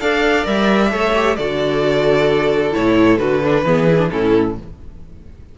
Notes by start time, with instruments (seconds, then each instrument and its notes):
0.00 cello D4, viola A4, violin D5 F5
0.44 cello G3, viola A#4, violin E5
0.90 cello A3, viola A4, violin C#5
1.15 viola G4
1.36 cello D3, viola F#4, violin A4 D5
2.71 cello A2, viola E4, violin C#5
3.18 cello D3, viola F#4, violin B4
3.43 viola D4
3.64 cello E3, viola B3, violin G#4
3.88 viola E4
3.98 viola D4
4.10 cello A2, viola C#4, violin E4 A4